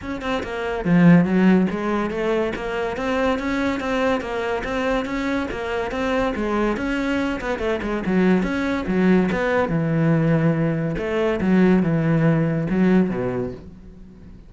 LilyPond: \new Staff \with { instrumentName = "cello" } { \time 4/4 \tempo 4 = 142 cis'8 c'8 ais4 f4 fis4 | gis4 a4 ais4 c'4 | cis'4 c'4 ais4 c'4 | cis'4 ais4 c'4 gis4 |
cis'4. b8 a8 gis8 fis4 | cis'4 fis4 b4 e4~ | e2 a4 fis4 | e2 fis4 b,4 | }